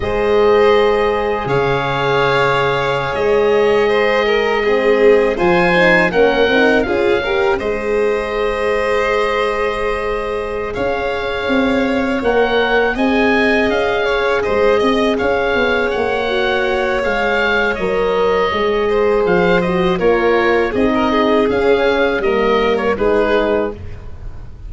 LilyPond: <<
  \new Staff \with { instrumentName = "oboe" } { \time 4/4 \tempo 4 = 81 dis''2 f''2~ | f''16 dis''2. gis''8.~ | gis''16 fis''4 f''4 dis''4.~ dis''16~ | dis''2~ dis''8 f''4.~ |
f''8 fis''4 gis''4 f''4 dis''8~ | dis''8 f''4 fis''4. f''4 | dis''2 f''8 dis''8 cis''4 | dis''4 f''4 dis''8. cis''16 b'4 | }
  \new Staff \with { instrumentName = "violin" } { \time 4/4 c''2 cis''2~ | cis''4~ cis''16 c''8 ais'8 gis'4 c''8.~ | c''16 ais'4 gis'8 ais'8 c''4.~ c''16~ | c''2~ c''8 cis''4.~ |
cis''4. dis''4. cis''8 c''8 | dis''8 cis''2.~ cis''8~ | cis''4. c''4. ais'4 | gis'16 ais'16 gis'4. ais'4 gis'4 | }
  \new Staff \with { instrumentName = "horn" } { \time 4/4 gis'1~ | gis'2~ gis'16 c'4 f'8 dis'16~ | dis'16 cis'8 dis'8 f'8 g'8 gis'4.~ gis'16~ | gis'1~ |
gis'8 ais'4 gis'2~ gis'8~ | gis'2 fis'4 gis'4 | ais'4 gis'4. fis'8 f'4 | dis'4 cis'4 ais4 dis'4 | }
  \new Staff \with { instrumentName = "tuba" } { \time 4/4 gis2 cis2~ | cis16 gis2. f8.~ | f16 ais8 c'8 cis'4 gis4.~ gis16~ | gis2~ gis8 cis'4 c'8~ |
c'8 ais4 c'4 cis'4 gis8 | c'8 cis'8 b8 ais4. gis4 | fis4 gis4 f4 ais4 | c'4 cis'4 g4 gis4 | }
>>